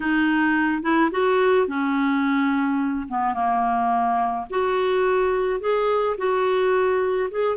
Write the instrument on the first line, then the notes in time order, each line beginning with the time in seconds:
clarinet
0.00 D#4
0.82 E4
1.11 F#4
1.67 C#4
3.08 B3
3.34 A#3
4.50 F#4
5.60 G#4
6.17 F#4
7.30 G#4